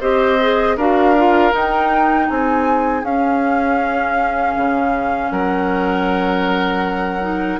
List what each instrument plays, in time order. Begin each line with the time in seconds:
0.00 bassoon C4, clarinet G4, oboe C5, flute D#5
0.40 clarinet G#4
0.76 bassoon D4, clarinet F#4, oboe A#4, flute F5
1.16 clarinet F4
1.51 clarinet D#4, bassoon D#4, flute G5
2.28 bassoon C4, oboe G#4, flute G#5
3.03 bassoon C#4, clarinet C#4, flute F5
4.57 bassoon C#3
5.31 bassoon F#3, oboe A#4, flute F#5
7.21 clarinet D#4